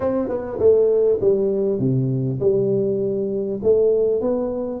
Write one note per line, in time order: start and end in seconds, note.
0.00 0.28 C4
0.28 0.58 B3
0.59 1.19 A3
1.20 1.79 G3
1.79 2.39 C3
2.40 3.60 G3
3.62 4.21 A3
4.21 4.80 B3